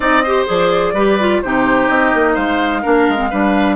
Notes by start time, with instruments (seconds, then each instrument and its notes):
0.00 bassoon C4, clarinet D#4, oboe D5, flute D#5
0.23 clarinet G4, oboe C5
0.46 bassoon F3, clarinet G#4, flute D5
0.93 bassoon G3, clarinet G4, oboe B4
1.19 clarinet F4
1.42 bassoon C3, clarinet D#4, oboe G4, flute C5
1.88 bassoon C4, flute D#5
2.14 bassoon A#3
2.34 bassoon G#3, oboe C5, flute F5
2.81 bassoon A#3, clarinet D4, oboe A#4
3.08 bassoon G#3
3.16 clarinet C4
3.30 bassoon G3, clarinet D4, oboe B4